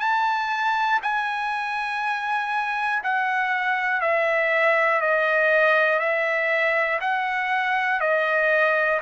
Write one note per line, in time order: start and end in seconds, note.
0.00 1.00 A5
1.03 3.03 G#5
3.04 4.01 F#5
4.01 5.01 E5
5.02 6.00 D#5
6.00 7.00 E5
7.01 8.01 F#5
8.01 9.01 D#5